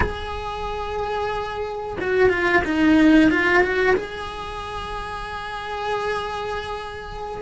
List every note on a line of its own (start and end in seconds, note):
0.00 1.98 G#4
2.00 2.29 F#4
2.29 2.62 F4
2.65 3.30 D#4
3.30 3.62 F4
3.62 3.95 F#4
3.96 7.41 G#4